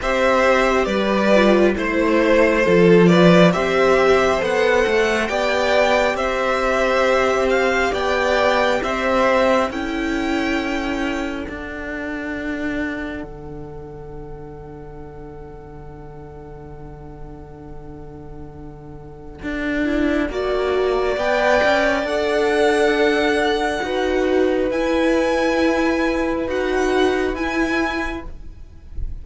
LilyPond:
<<
  \new Staff \with { instrumentName = "violin" } { \time 4/4 \tempo 4 = 68 e''4 d''4 c''4. d''8 | e''4 fis''4 g''4 e''4~ | e''8 f''8 g''4 e''4 g''4~ | g''4 fis''2.~ |
fis''1~ | fis''1 | g''4 fis''2. | gis''2 fis''4 gis''4 | }
  \new Staff \with { instrumentName = "violin" } { \time 4/4 c''4 b'4 c''4 a'8 b'8 | c''2 d''4 c''4~ | c''4 d''4 c''4 a'4~ | a'1~ |
a'1~ | a'2. d''4~ | d''2. b'4~ | b'1 | }
  \new Staff \with { instrumentName = "viola" } { \time 4/4 g'4. f'8 e'4 f'4 | g'4 a'4 g'2~ | g'2. e'4~ | e'4 d'2.~ |
d'1~ | d'2~ d'8 e'8 fis'4 | b'4 a'2 fis'4 | e'2 fis'4 e'4 | }
  \new Staff \with { instrumentName = "cello" } { \time 4/4 c'4 g4 a4 f4 | c'4 b8 a8 b4 c'4~ | c'4 b4 c'4 cis'4~ | cis'4 d'2 d4~ |
d1~ | d2 d'4 ais4 | b8 cis'8 d'2 dis'4 | e'2 dis'4 e'4 | }
>>